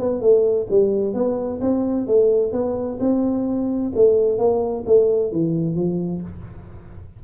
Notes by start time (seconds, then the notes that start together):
0.00 B3
0.22 A3
0.70 G3
1.15 B3
1.62 C4
2.07 A3
2.53 B3
3.00 C4
3.96 A3
4.39 A#3
4.87 A3
5.32 E3
5.76 F3